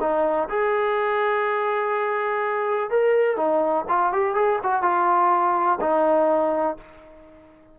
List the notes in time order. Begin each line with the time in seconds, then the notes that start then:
0.00 D#4
0.49 G#4
2.90 A#4
3.36 D#4
3.88 F4
4.12 G4
4.35 G#4
4.63 F#4
4.82 F4
5.80 D#4